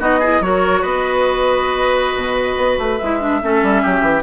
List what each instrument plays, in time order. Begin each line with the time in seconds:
0.00 bassoon B3, clarinet D#4, oboe F#4, flute D#5
0.20 clarinet E4, oboe G#4
0.40 bassoon F#3, clarinet F#4, oboe A#4, flute C#5
0.81 bassoon B3, oboe B4, flute D#5
2.16 bassoon B2
2.57 bassoon B3
2.78 bassoon A3, flute B4
2.98 bassoon G#3, clarinet E4, flute E5
3.20 clarinet D4
3.42 bassoon A3, clarinet C#4, oboe A4
3.63 bassoon G3
3.82 bassoon F#3, oboe G4
4.02 bassoon E3